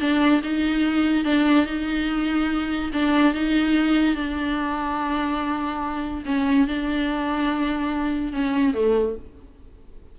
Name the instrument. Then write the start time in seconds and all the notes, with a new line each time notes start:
viola
0.00 D4
0.43 D#4
1.24 D4
1.66 D#4
2.93 D4
3.34 D#4
4.15 D4
6.25 C#4
6.67 D4
8.32 C#4
8.74 A3